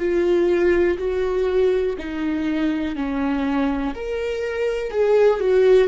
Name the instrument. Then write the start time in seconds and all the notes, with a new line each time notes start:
viola
0.00 F4
0.98 F#4
1.99 D#4
2.96 C#4
3.95 A#4
4.91 G#4
5.41 F#4